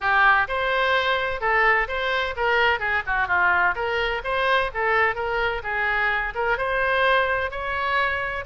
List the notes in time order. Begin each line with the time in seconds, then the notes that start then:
0.00 G4
0.48 C5
1.40 A4
1.87 C5
2.36 A#4
2.79 G#4
3.06 F#4
3.27 F4
3.75 A#4
4.24 C5
4.74 A4
5.15 A#4
5.63 G#4
6.34 A#4
6.57 C5
7.51 C#5